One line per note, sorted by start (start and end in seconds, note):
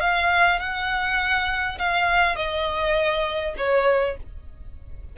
0.00 0.59 F5
0.59 1.78 F#5
1.78 2.35 F5
2.35 3.54 D#5
3.57 4.16 C#5